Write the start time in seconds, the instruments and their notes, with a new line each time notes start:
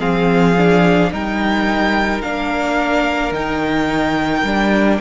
0.00 cello F3, viola C4, violin G#4 F5
0.58 viola D4
1.12 cello G3, viola D#4, violin A#4 G5
2.22 cello A#3, viola D4, violin F5
3.32 cello D#3, viola D#4, violin G5
4.44 cello G3, viola D4